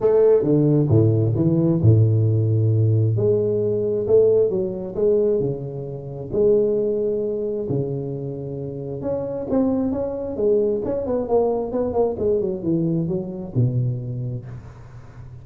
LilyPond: \new Staff \with { instrumentName = "tuba" } { \time 4/4 \tempo 4 = 133 a4 d4 a,4 e4 | a,2. gis4~ | gis4 a4 fis4 gis4 | cis2 gis2~ |
gis4 cis2. | cis'4 c'4 cis'4 gis4 | cis'8 b8 ais4 b8 ais8 gis8 fis8 | e4 fis4 b,2 | }